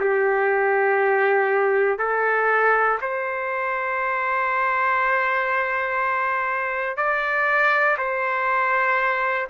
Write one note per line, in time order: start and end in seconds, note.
0.00 1.98 G4
1.98 2.98 A4
3.01 6.97 C5
6.97 7.97 D5
7.97 9.47 C5